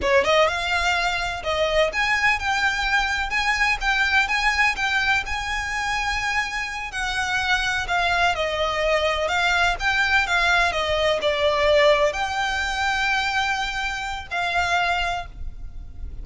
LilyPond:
\new Staff \with { instrumentName = "violin" } { \time 4/4 \tempo 4 = 126 cis''8 dis''8 f''2 dis''4 | gis''4 g''2 gis''4 | g''4 gis''4 g''4 gis''4~ | gis''2~ gis''8 fis''4.~ |
fis''8 f''4 dis''2 f''8~ | f''8 g''4 f''4 dis''4 d''8~ | d''4. g''2~ g''8~ | g''2 f''2 | }